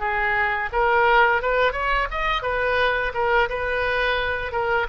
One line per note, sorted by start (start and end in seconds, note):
0.00 0.70 G#4
0.73 1.42 A#4
1.42 1.73 B4
1.73 2.08 C#5
2.11 2.43 D#5
2.43 3.13 B4
3.14 3.49 A#4
3.49 4.53 B4
4.53 4.87 A#4